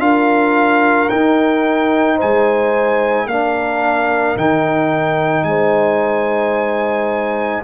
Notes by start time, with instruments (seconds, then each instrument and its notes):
0.00 tuba D4, trombone F4, horn A#4, trumpet F5
1.09 trombone D#4, tuba D#4, trumpet G5
2.17 horn C5, trumpet G#5
2.23 tuba G#3
3.26 tuba A#3, trombone D4, horn A#4, trumpet F5
4.37 tuba D#3, trombone D#4, trumpet G5
5.44 tuba G#3, horn C5, trumpet G#5